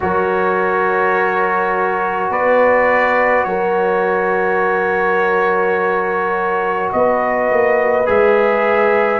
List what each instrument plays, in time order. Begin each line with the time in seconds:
0.00 tuba F#3, trombone F#4, horn A#4, trumpet C#5
2.29 tuba B3, horn B4, trumpet D5
3.43 tuba F#3, horn A#4, trumpet C#5
6.92 tuba B3, horn B4, trumpet D#5
7.50 tuba A#3
8.06 tuba G#3, trombone G#4, trumpet E5